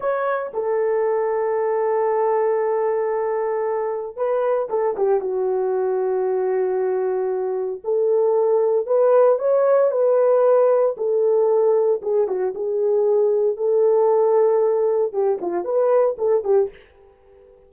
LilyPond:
\new Staff \with { instrumentName = "horn" } { \time 4/4 \tempo 4 = 115 cis''4 a'2.~ | a'1 | b'4 a'8 g'8 fis'2~ | fis'2. a'4~ |
a'4 b'4 cis''4 b'4~ | b'4 a'2 gis'8 fis'8 | gis'2 a'2~ | a'4 g'8 f'8 b'4 a'8 g'8 | }